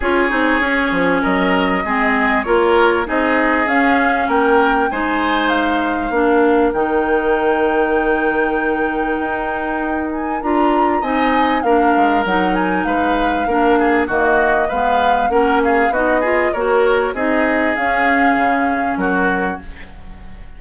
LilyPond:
<<
  \new Staff \with { instrumentName = "flute" } { \time 4/4 \tempo 4 = 98 cis''2 dis''2 | cis''4 dis''4 f''4 g''4 | gis''4 f''2 g''4~ | g''1~ |
g''8 gis''8 ais''4 gis''4 f''4 | fis''8 gis''8 f''2 dis''4 | f''4 fis''8 f''8 dis''4 cis''4 | dis''4 f''2 ais'4 | }
  \new Staff \with { instrumentName = "oboe" } { \time 4/4 gis'2 ais'4 gis'4 | ais'4 gis'2 ais'4 | c''2 ais'2~ | ais'1~ |
ais'2 dis''4 ais'4~ | ais'4 b'4 ais'8 gis'8 fis'4 | b'4 ais'8 gis'8 fis'8 gis'8 ais'4 | gis'2. fis'4 | }
  \new Staff \with { instrumentName = "clarinet" } { \time 4/4 f'8 dis'8 cis'2 c'4 | f'4 dis'4 cis'2 | dis'2 d'4 dis'4~ | dis'1~ |
dis'4 f'4 dis'4 d'4 | dis'2 d'4 ais4 | b4 cis'4 dis'8 f'8 fis'4 | dis'4 cis'2. | }
  \new Staff \with { instrumentName = "bassoon" } { \time 4/4 cis'8 c'8 cis'8 f8 fis4 gis4 | ais4 c'4 cis'4 ais4 | gis2 ais4 dis4~ | dis2. dis'4~ |
dis'4 d'4 c'4 ais8 gis8 | fis4 gis4 ais4 dis4 | gis4 ais4 b4 ais4 | c'4 cis'4 cis4 fis4 | }
>>